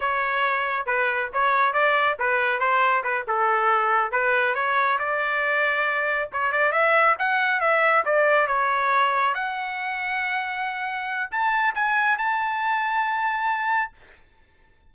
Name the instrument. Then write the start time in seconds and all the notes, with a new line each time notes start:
trumpet
0.00 C#5
0.86 B4
1.33 C#5
1.73 D5
2.19 B4
2.59 C5
3.03 B4
3.27 A4
4.11 B4
4.55 C#5
4.98 D5
6.32 C#5
6.52 D5
6.72 E5
7.19 F#5
7.60 E5
8.05 D5
8.47 C#5
9.34 F#5
11.31 A5
11.75 G#5
12.18 A5